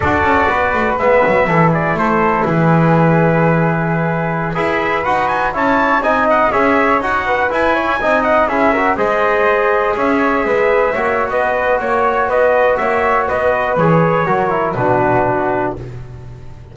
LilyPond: <<
  \new Staff \with { instrumentName = "trumpet" } { \time 4/4 \tempo 4 = 122 d''2 e''4. d''8 | c''4 b'2.~ | b'4~ b'16 e''4 fis''8 gis''8 a''8.~ | a''16 gis''8 fis''8 e''4 fis''4 gis''8.~ |
gis''8. fis''8 e''4 dis''4.~ dis''16~ | dis''16 e''2~ e''8. dis''4 | cis''4 dis''4 e''4 dis''4 | cis''2 b'2 | }
  \new Staff \with { instrumentName = "flute" } { \time 4/4 a'4 b'2 a'8 gis'8 | a'4 gis'2.~ | gis'4~ gis'16 b'2 cis''8.~ | cis''16 dis''4 cis''4. b'4 cis''16~ |
cis''16 dis''4 gis'8 ais'8 c''4.~ c''16~ | c''16 cis''4 b'4 cis''8. b'4 | cis''4 b'4 cis''4 b'4~ | b'4 ais'4 fis'2 | }
  \new Staff \with { instrumentName = "trombone" } { \time 4/4 fis'2 b4 e'4~ | e'1~ | e'4~ e'16 gis'4 fis'4 e'8.~ | e'16 dis'4 gis'4 fis'4 e'8.~ |
e'16 dis'4 e'8 fis'8 gis'4.~ gis'16~ | gis'2~ gis'16 fis'4.~ fis'16~ | fis'1 | gis'4 fis'8 e'8 d'2 | }
  \new Staff \with { instrumentName = "double bass" } { \time 4/4 d'8 cis'8 b8 a8 gis8 fis8 e4 | a4 e2.~ | e4~ e16 e'4 dis'4 cis'8.~ | cis'16 c'4 cis'4 dis'4 e'8.~ |
e'16 c'4 cis'4 gis4.~ gis16~ | gis16 cis'4 gis4 ais8. b4 | ais4 b4 ais4 b4 | e4 fis4 b,2 | }
>>